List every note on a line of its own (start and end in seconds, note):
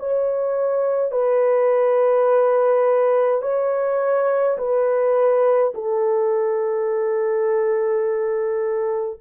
0.00 1.12 C#5
1.12 3.42 B4
3.42 4.57 C#5
4.58 5.74 B4
5.74 9.20 A4